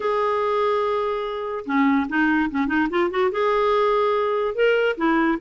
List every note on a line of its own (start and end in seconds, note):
0.00 1.65 G#4
1.65 2.07 C#4
2.08 2.50 D#4
2.50 2.67 C#4
2.67 2.88 D#4
2.90 3.10 F4
3.10 3.31 F#4
3.31 4.54 G#4
4.54 4.96 A#4
4.97 5.38 E4